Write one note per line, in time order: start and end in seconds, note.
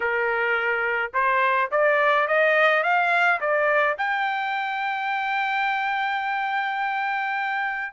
0.00 1.12 A#4
1.13 1.70 C5
1.71 2.27 D5
2.27 2.83 D#5
2.83 3.40 F5
3.40 3.96 D5
3.98 7.93 G5